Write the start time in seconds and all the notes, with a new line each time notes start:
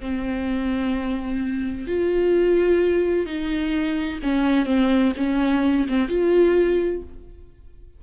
0.00 C4
1.87 F4
3.26 D#4
4.23 C#4
4.66 C4
5.17 C#4
5.88 C4
6.09 F4